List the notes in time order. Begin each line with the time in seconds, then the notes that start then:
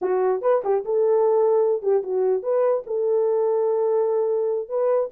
0.01 F#4
0.41 B4
0.64 G4
0.84 A4
1.82 G4
2.03 F#4
2.42 B4
2.86 A4
4.68 B4